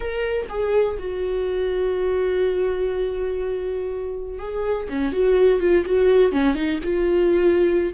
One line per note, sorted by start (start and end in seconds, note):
0.00 0.46 A#4
0.49 0.98 G#4
0.99 4.39 F#4
4.39 4.87 G#4
4.89 5.12 C#4
5.12 5.60 F#4
5.60 5.84 F4
5.85 6.32 F#4
6.32 6.54 C#4
6.54 6.79 D#4
6.83 7.93 F4